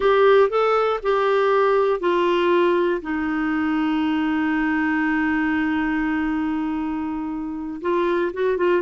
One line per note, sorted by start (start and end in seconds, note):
0.00 0.49 G4
0.49 0.99 A4
1.02 2.00 G4
2.00 3.01 F4
3.01 7.80 D#4
7.81 8.31 F4
8.33 8.57 F#4
8.57 8.81 F4